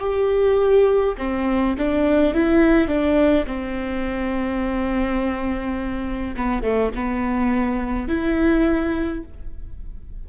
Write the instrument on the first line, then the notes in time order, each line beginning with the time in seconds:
viola
0.00 G4
1.18 C4
1.78 D4
2.34 E4
2.88 D4
3.47 C4
6.37 B3
6.63 A3
6.95 B3
8.09 E4